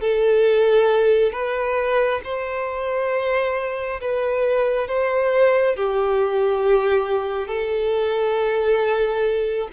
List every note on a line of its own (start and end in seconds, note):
0.00 1.32 A4
1.32 2.21 B4
2.24 4.00 C5
4.01 4.87 B4
4.87 5.76 C5
5.76 7.48 G4
7.48 9.68 A4